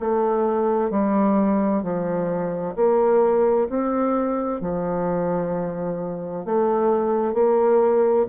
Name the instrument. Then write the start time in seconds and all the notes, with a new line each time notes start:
bassoon
0.00 A3
0.91 G3
1.83 F3
2.76 A#3
3.70 C4
4.61 F3
6.45 A3
7.34 A#3